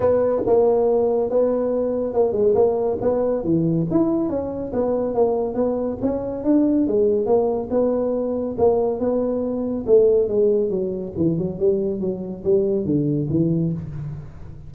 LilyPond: \new Staff \with { instrumentName = "tuba" } { \time 4/4 \tempo 4 = 140 b4 ais2 b4~ | b4 ais8 gis8 ais4 b4 | e4 e'4 cis'4 b4 | ais4 b4 cis'4 d'4 |
gis4 ais4 b2 | ais4 b2 a4 | gis4 fis4 e8 fis8 g4 | fis4 g4 d4 e4 | }